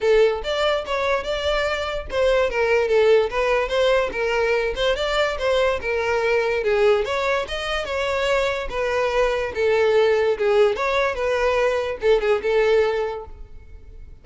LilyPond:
\new Staff \with { instrumentName = "violin" } { \time 4/4 \tempo 4 = 145 a'4 d''4 cis''4 d''4~ | d''4 c''4 ais'4 a'4 | b'4 c''4 ais'4. c''8 | d''4 c''4 ais'2 |
gis'4 cis''4 dis''4 cis''4~ | cis''4 b'2 a'4~ | a'4 gis'4 cis''4 b'4~ | b'4 a'8 gis'8 a'2 | }